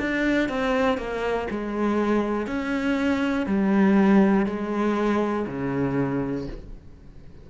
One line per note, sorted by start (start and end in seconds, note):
0.00 0.49 D4
0.49 0.98 C4
0.98 1.48 A#3
1.50 2.47 G#3
2.47 3.47 C#4
3.47 4.46 G3
4.46 5.46 G#3
5.47 6.47 C#3